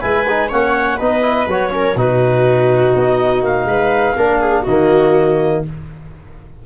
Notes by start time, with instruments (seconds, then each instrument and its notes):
0.00 tuba G#3, trombone E4, viola B4, clarinet G#5
0.29 trombone D#4
0.48 tuba A#3, trombone C#4, viola C#5, clarinet F#5
0.96 tuba B3, trombone D#4, viola B4, clarinet D#5
1.22 trombone E4
1.47 tuba F#3, trombone F#4, clarinet C#5
1.70 trombone C#4, viola A#4
1.95 tuba B2, trombone D#4, viola F#4, clarinet B4
2.94 tuba B3, clarinet D#5
3.42 tuba A#3, clarinet F5
3.65 tuba G#3, viola B4
4.16 tuba A#3, trombone D4, viola A#4
4.40 viola G#4
4.62 tuba D#3, trombone A#3, viola F#4, clarinet D#5